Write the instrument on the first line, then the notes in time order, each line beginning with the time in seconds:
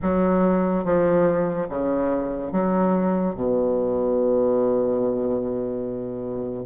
bassoon
0.02 F#3
0.84 F3
1.69 C#3
2.52 F#3
3.34 B2